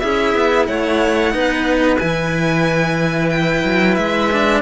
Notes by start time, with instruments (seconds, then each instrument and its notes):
0.00 cello C#4 E4, clarinet G#4, violin E5
0.35 cello B3
0.67 cello A3, clarinet C#5, violin F#5
1.32 cello B3 D#4, clarinet B4
1.99 cello E3 E4, violin G#5
3.30 violin G5
3.64 cello F#3
3.95 cello G#3, violin E5
4.32 cello D4